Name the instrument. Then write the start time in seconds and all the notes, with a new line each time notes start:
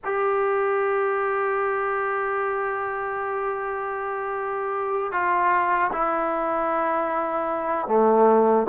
trombone
0.04 G4
5.11 F4
5.92 E4
7.87 A3